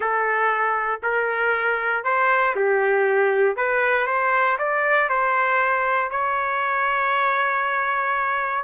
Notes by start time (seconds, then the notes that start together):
0.00 A4
1.02 A#4
2.04 C5
2.55 G4
3.56 B4
4.06 C5
4.58 D5
5.09 C5
6.10 C#5